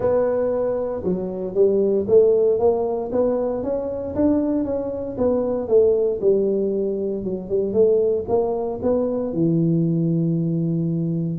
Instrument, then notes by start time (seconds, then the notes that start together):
tuba
0.00 B3
1.03 F#3
1.54 G3
2.07 A3
2.59 A#3
3.12 B3
3.63 C#4
4.15 D4
4.65 C#4
5.17 B3
5.68 A3
6.20 G3
7.24 F#3
7.49 G3
7.73 A3
8.28 A#3
8.82 B3
9.33 E3